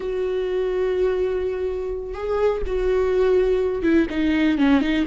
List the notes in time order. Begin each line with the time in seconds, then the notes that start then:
0.00 F#4
2.14 G#4
2.66 F#4
3.83 E4
4.09 D#4
4.57 C#4
4.81 D#4